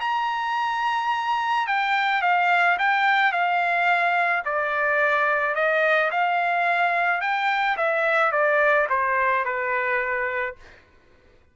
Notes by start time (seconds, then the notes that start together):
0.00 A#5
1.67 G5
2.22 F5
2.78 G5
3.32 F5
4.45 D5
5.55 D#5
6.11 F5
7.21 G5
7.77 E5
8.32 D5
8.89 C5
9.45 B4